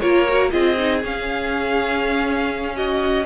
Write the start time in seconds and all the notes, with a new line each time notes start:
0.00 A#3 F4 A#4 C#5
0.28 F#4
0.51 C4 F4 G#4 D#5
0.77 D#4
1.03 C#4 F5
2.76 F#4 D#5